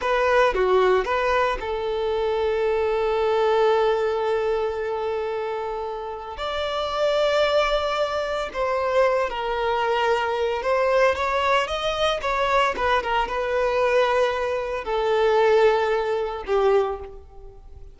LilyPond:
\new Staff \with { instrumentName = "violin" } { \time 4/4 \tempo 4 = 113 b'4 fis'4 b'4 a'4~ | a'1~ | a'1 | d''1 |
c''4. ais'2~ ais'8 | c''4 cis''4 dis''4 cis''4 | b'8 ais'8 b'2. | a'2. g'4 | }